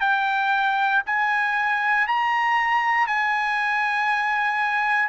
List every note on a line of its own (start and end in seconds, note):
0.00 1.02 G5
1.06 2.07 G#5
2.07 3.06 A#5
3.06 5.08 G#5